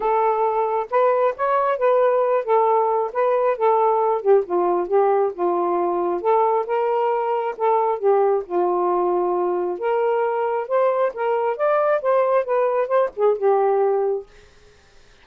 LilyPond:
\new Staff \with { instrumentName = "saxophone" } { \time 4/4 \tempo 4 = 135 a'2 b'4 cis''4 | b'4. a'4. b'4 | a'4. g'8 f'4 g'4 | f'2 a'4 ais'4~ |
ais'4 a'4 g'4 f'4~ | f'2 ais'2 | c''4 ais'4 d''4 c''4 | b'4 c''8 gis'8 g'2 | }